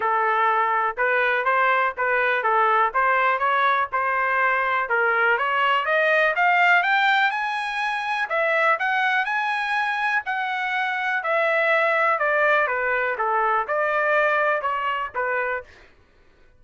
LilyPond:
\new Staff \with { instrumentName = "trumpet" } { \time 4/4 \tempo 4 = 123 a'2 b'4 c''4 | b'4 a'4 c''4 cis''4 | c''2 ais'4 cis''4 | dis''4 f''4 g''4 gis''4~ |
gis''4 e''4 fis''4 gis''4~ | gis''4 fis''2 e''4~ | e''4 d''4 b'4 a'4 | d''2 cis''4 b'4 | }